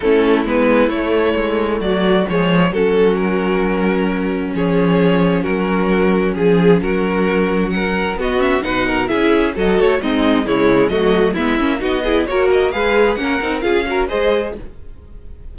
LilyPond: <<
  \new Staff \with { instrumentName = "violin" } { \time 4/4 \tempo 4 = 132 a'4 b'4 cis''2 | d''4 cis''4 a'4 ais'4~ | ais'2 cis''2 | ais'2 gis'4 ais'4~ |
ais'4 fis''4 dis''8 e''8 fis''4 | e''4 dis''8 cis''8 dis''4 cis''4 | dis''4 e''4 dis''4 cis''8 dis''8 | f''4 fis''4 f''4 dis''4 | }
  \new Staff \with { instrumentName = "violin" } { \time 4/4 e'1 | fis'4 gis'4 fis'2~ | fis'2 gis'2 | fis'2 gis'4 fis'4~ |
fis'4 ais'4 fis'4 b'8 ais'8 | gis'4 a'4 dis'4 e'4 | fis'4 e'4 fis'8 gis'8 ais'4 | b'4 ais'4 gis'8 ais'8 c''4 | }
  \new Staff \with { instrumentName = "viola" } { \time 4/4 cis'4 b4 a2~ | a4 gis4 cis'2~ | cis'1~ | cis'1~ |
cis'2 b8 cis'8 dis'4 | e'4 fis'4 c'4 gis4 | a4 b8 cis'8 dis'8 e'8 fis'4 | gis'4 cis'8 dis'8 f'8 fis'8 gis'4 | }
  \new Staff \with { instrumentName = "cello" } { \time 4/4 a4 gis4 a4 gis4 | fis4 f4 fis2~ | fis2 f2 | fis2 f4 fis4~ |
fis2 b4 b,4 | cis'4 fis8 a8 gis4 cis4 | fis4 gis8 ais8 b4 ais4 | gis4 ais8 c'8 cis'4 gis4 | }
>>